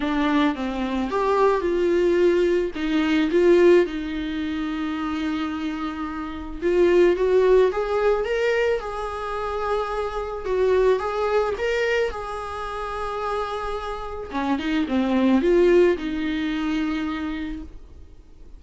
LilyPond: \new Staff \with { instrumentName = "viola" } { \time 4/4 \tempo 4 = 109 d'4 c'4 g'4 f'4~ | f'4 dis'4 f'4 dis'4~ | dis'1 | f'4 fis'4 gis'4 ais'4 |
gis'2. fis'4 | gis'4 ais'4 gis'2~ | gis'2 cis'8 dis'8 c'4 | f'4 dis'2. | }